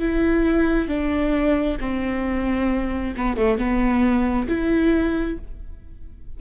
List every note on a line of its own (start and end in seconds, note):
0.00 0.88 E4
0.88 1.78 D4
1.80 3.15 C4
3.18 3.37 B3
3.37 3.58 A3
3.58 4.48 B3
4.49 5.38 E4